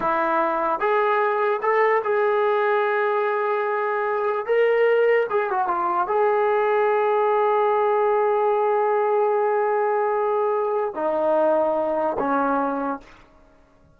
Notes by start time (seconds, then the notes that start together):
0.00 E4
0.79 G#4
1.61 A4
2.04 G#4
4.45 A#4
5.30 G#4
5.50 F#4
5.67 F4
6.07 G#4
10.95 D#4
12.18 C#4